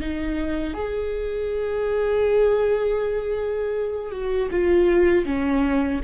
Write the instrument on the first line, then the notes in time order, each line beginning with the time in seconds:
viola
0.00 D#4
0.74 G#4
4.11 F#4
4.51 F4
5.25 C#4